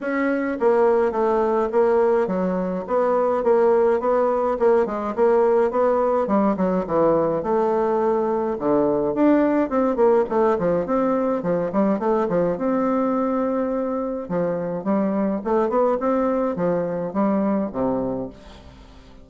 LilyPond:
\new Staff \with { instrumentName = "bassoon" } { \time 4/4 \tempo 4 = 105 cis'4 ais4 a4 ais4 | fis4 b4 ais4 b4 | ais8 gis8 ais4 b4 g8 fis8 | e4 a2 d4 |
d'4 c'8 ais8 a8 f8 c'4 | f8 g8 a8 f8 c'2~ | c'4 f4 g4 a8 b8 | c'4 f4 g4 c4 | }